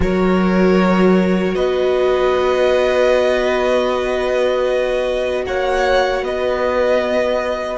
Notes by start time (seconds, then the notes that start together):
0.00 F#3 F#4 A#4 C#5
1.54 B3 B4 D#5
5.46 A#3 C#5 F#5
6.22 B3 B4 D#5